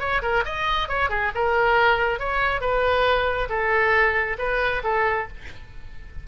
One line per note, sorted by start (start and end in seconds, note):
0.00 0.22 C#5
0.22 0.44 A#4
0.45 0.89 D#5
0.89 1.10 C#5
1.10 1.32 G#4
1.35 2.20 A#4
2.20 2.61 C#5
2.61 3.49 B4
3.49 4.37 A4
4.39 4.83 B4
4.84 5.28 A4